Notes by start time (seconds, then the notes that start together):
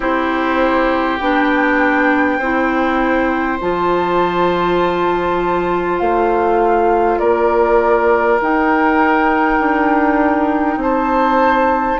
0.00 C4 E4 G4 C5
1.18 B3 D4 G5
2.38 C4 E4 C5
3.59 F3 F4 A5
5.99 A3 F5
7.18 A#3 A#4 D5
8.40 D#4 G5
9.59 D4
10.76 C4 C5 A5